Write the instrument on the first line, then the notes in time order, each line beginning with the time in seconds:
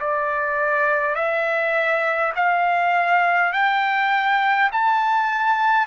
trumpet
0.00 D5
1.15 E5
2.35 F5
3.52 G5
4.72 A5